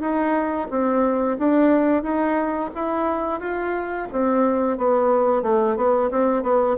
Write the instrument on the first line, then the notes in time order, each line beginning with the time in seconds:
bassoon
0.00 D#4
0.70 C4
1.38 D4
2.02 D#4
2.75 E4
3.40 F4
4.12 C4
4.77 B3
5.42 A3
5.76 B3
6.10 C4
6.42 B3